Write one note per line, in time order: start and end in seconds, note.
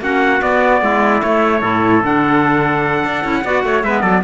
0.00 0.41 A#3
0.00 0.40 C#4
0.00 0.82 F#4
0.00 0.42 F#5
0.41 1.22 B3
0.41 0.81 B3
0.41 1.22 D5
0.81 1.22 G#3
0.81 1.60 E4
1.22 1.61 A3
1.22 1.62 A3
1.22 2.03 C#5
1.60 2.02 A2
1.60 2.01 E4
1.60 3.42 A4
2.03 3.04 D3
2.03 3.23 D4
2.03 3.83 F#5
3.04 3.24 D4
3.23 3.44 C#4
3.23 3.43 E4
3.44 3.64 B3
3.44 3.84 F#4
3.44 3.64 D5
3.64 3.83 A3
3.64 3.84 C#5
3.83 4.02 G#3
3.83 4.24 B3
3.83 4.02 B4
3.83 4.01 E5
4.01 4.23 F#3
4.01 4.22 A4
4.01 4.22 D5